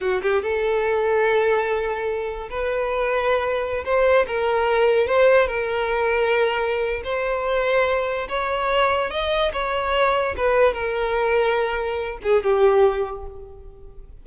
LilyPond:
\new Staff \with { instrumentName = "violin" } { \time 4/4 \tempo 4 = 145 fis'8 g'8 a'2.~ | a'2 b'2~ | b'4~ b'16 c''4 ais'4.~ ais'16~ | ais'16 c''4 ais'2~ ais'8.~ |
ais'4 c''2. | cis''2 dis''4 cis''4~ | cis''4 b'4 ais'2~ | ais'4. gis'8 g'2 | }